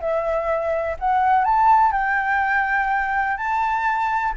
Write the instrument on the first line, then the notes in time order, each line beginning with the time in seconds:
flute
0.00 E5
0.99 F#5
1.44 A5
1.92 G5
3.37 A5